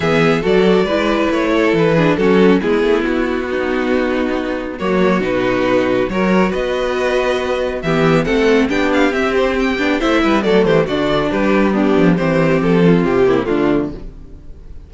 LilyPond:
<<
  \new Staff \with { instrumentName = "violin" } { \time 4/4 \tempo 4 = 138 e''4 d''2 cis''4 | b'4 a'4 gis'4 fis'4~ | fis'2. cis''4 | b'2 cis''4 dis''4~ |
dis''2 e''4 fis''4 | g''8 f''8 e''8 c''8 g''4 e''4 | d''8 c''8 d''4 b'4 g'4 | c''4 a'4 g'4 f'4 | }
  \new Staff \with { instrumentName = "violin" } { \time 4/4 gis'4 a'4 b'4. a'8~ | a'8 gis'8 fis'4 e'2 | dis'2. fis'4~ | fis'2 ais'4 b'4~ |
b'2 g'4 a'4 | g'2. c''8 b'8 | a'8 g'8 fis'4 g'4 d'4 | g'4. f'4 e'8 d'4 | }
  \new Staff \with { instrumentName = "viola" } { \time 4/4 b4 fis'4 e'2~ | e'8 d'8 cis'4 b2~ | b2. ais4 | dis'2 fis'2~ |
fis'2 b4 c'4 | d'4 c'4. d'8 e'4 | a4 d'2 b4 | c'2~ c'8 ais8 a4 | }
  \new Staff \with { instrumentName = "cello" } { \time 4/4 e4 fis4 gis4 a4 | e4 fis4 gis8 a8 b4~ | b2. fis4 | b,2 fis4 b4~ |
b2 e4 a4 | b4 c'4. b8 a8 g8 | fis8 e8 d4 g4. f8 | e4 f4 c4 d4 | }
>>